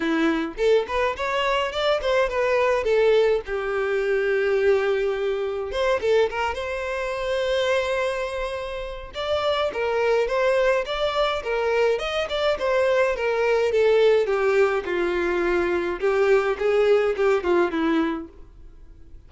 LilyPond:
\new Staff \with { instrumentName = "violin" } { \time 4/4 \tempo 4 = 105 e'4 a'8 b'8 cis''4 d''8 c''8 | b'4 a'4 g'2~ | g'2 c''8 a'8 ais'8 c''8~ | c''1 |
d''4 ais'4 c''4 d''4 | ais'4 dis''8 d''8 c''4 ais'4 | a'4 g'4 f'2 | g'4 gis'4 g'8 f'8 e'4 | }